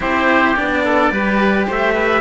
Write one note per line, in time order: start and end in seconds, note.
0.00 0.56 C4
0.00 0.55 E4
0.00 0.83 G4
0.00 0.56 C5
0.55 1.11 B3
0.55 1.11 D4
0.55 1.67 D5
0.84 1.12 A4
1.11 1.66 G3
1.11 2.21 G4
1.11 1.66 B4
1.66 2.21 A3
1.66 1.94 C5
1.66 2.21 E5
1.94 2.21 B4